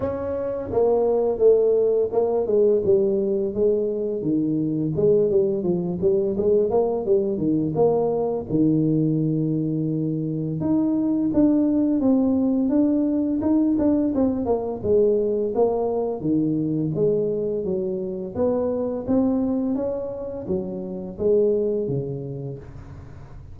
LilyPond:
\new Staff \with { instrumentName = "tuba" } { \time 4/4 \tempo 4 = 85 cis'4 ais4 a4 ais8 gis8 | g4 gis4 dis4 gis8 g8 | f8 g8 gis8 ais8 g8 dis8 ais4 | dis2. dis'4 |
d'4 c'4 d'4 dis'8 d'8 | c'8 ais8 gis4 ais4 dis4 | gis4 fis4 b4 c'4 | cis'4 fis4 gis4 cis4 | }